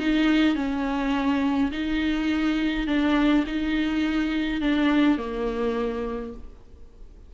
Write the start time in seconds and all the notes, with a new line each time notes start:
0.00 D#4
0.56 C#4
1.72 D#4
2.88 D4
3.47 D#4
4.61 D4
5.18 A#3